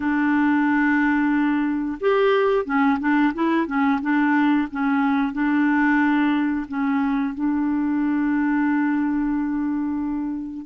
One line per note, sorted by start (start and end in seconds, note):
0.00 1.98 D4
2.00 2.65 G4
2.65 2.98 C#4
2.99 3.33 D4
3.34 3.66 E4
3.66 4.00 C#4
4.01 4.68 D4
4.71 5.32 C#4
5.32 6.65 D4
6.68 7.34 C#4
7.34 10.65 D4